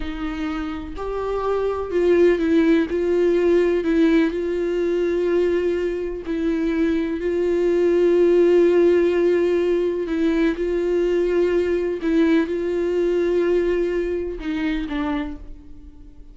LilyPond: \new Staff \with { instrumentName = "viola" } { \time 4/4 \tempo 4 = 125 dis'2 g'2 | f'4 e'4 f'2 | e'4 f'2.~ | f'4 e'2 f'4~ |
f'1~ | f'4 e'4 f'2~ | f'4 e'4 f'2~ | f'2 dis'4 d'4 | }